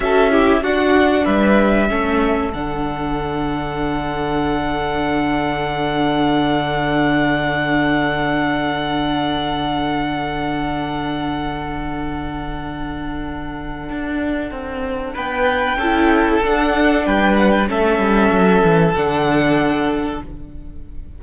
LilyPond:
<<
  \new Staff \with { instrumentName = "violin" } { \time 4/4 \tempo 4 = 95 e''4 fis''4 e''2 | fis''1~ | fis''1~ | fis''1~ |
fis''1~ | fis''1 | g''2 fis''4 g''8 fis''16 g''16 | e''2 fis''2 | }
  \new Staff \with { instrumentName = "violin" } { \time 4/4 a'8 g'8 fis'4 b'4 a'4~ | a'1~ | a'1~ | a'1~ |
a'1~ | a'1 | b'4 a'2 b'4 | a'1 | }
  \new Staff \with { instrumentName = "viola" } { \time 4/4 fis'8 e'8 d'2 cis'4 | d'1~ | d'1~ | d'1~ |
d'1~ | d'1~ | d'4 e'4 d'2 | cis'2 d'2 | }
  \new Staff \with { instrumentName = "cello" } { \time 4/4 cis'4 d'4 g4 a4 | d1~ | d1~ | d1~ |
d1~ | d2 d'4 c'4 | b4 cis'4 d'4 g4 | a8 g8 fis8 e8 d2 | }
>>